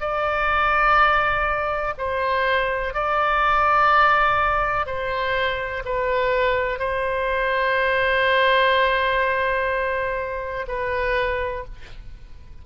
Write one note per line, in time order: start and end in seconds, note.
0.00 1.94 D5
1.98 2.93 C5
2.93 4.86 D5
4.86 5.83 C5
5.85 6.79 B4
6.79 10.66 C5
10.68 11.64 B4